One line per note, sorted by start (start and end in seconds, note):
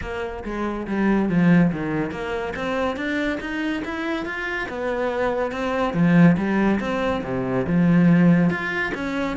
0.01 0.43 A#3
0.44 0.86 G#3
0.87 1.29 G3
1.29 1.71 F3
1.72 2.11 D#3
2.11 2.53 A#3
2.56 2.96 C4
2.96 3.38 D4
3.40 3.82 D#4
3.85 4.25 E4
4.25 4.68 F4
4.68 5.51 B3
5.51 5.93 C4
5.93 6.36 F3
6.37 6.79 G3
6.79 7.22 C4
7.23 7.66 C3
7.66 8.50 F3
8.50 8.92 F4
8.94 9.36 C#4